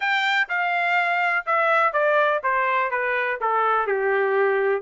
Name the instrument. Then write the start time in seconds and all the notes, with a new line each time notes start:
trumpet
0.00 G5
0.48 F5
1.46 E5
1.92 D5
2.43 C5
2.91 B4
3.40 A4
3.86 G4